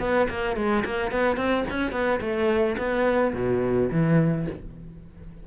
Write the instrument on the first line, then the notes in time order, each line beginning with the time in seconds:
cello
0.00 B3
0.30 A#3
0.57 G#3
0.85 A#3
1.12 B3
1.37 C4
1.70 C#4
1.92 B3
2.21 A3
2.78 B3
3.35 B2
3.92 E3